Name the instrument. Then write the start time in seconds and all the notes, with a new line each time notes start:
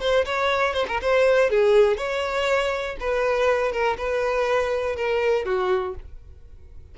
violin
0.00 C5
0.25 C#5
0.74 C5
0.88 A#4
1.02 C5
1.50 G#4
1.97 C#5
3.00 B4
3.72 A#4
3.97 B4
4.96 A#4
5.45 F#4